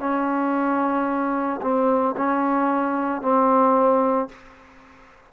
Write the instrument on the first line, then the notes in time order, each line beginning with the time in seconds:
trombone
0.00 C#4
1.62 C4
2.17 C#4
3.22 C4